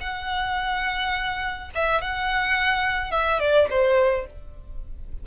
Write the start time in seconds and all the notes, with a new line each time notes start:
0.00 F#5
1.74 E5
2.01 F#5
3.11 E5
3.39 D5
3.69 C5